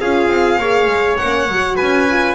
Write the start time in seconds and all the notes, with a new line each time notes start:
0.00 C#4 F4 G#4 F5
0.28 C4
0.57 A#3 G#4 C#5
0.86 G#3
1.17 A#3 C#4 F#5
1.48 F#3 F#4
1.76 C#4 B4 G#5
2.09 F4